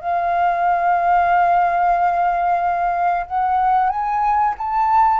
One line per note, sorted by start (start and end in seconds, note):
0.00 3.26 F5
3.26 3.89 F#5
3.89 4.54 G#5
4.58 5.20 A5